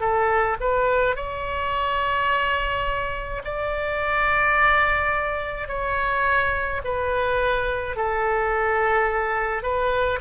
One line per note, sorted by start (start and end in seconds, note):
0.00 0.57 A4
0.60 1.16 B4
1.16 3.42 C#5
3.45 5.68 D5
5.68 6.81 C#5
6.84 7.96 B4
7.96 9.62 A4
9.62 10.19 B4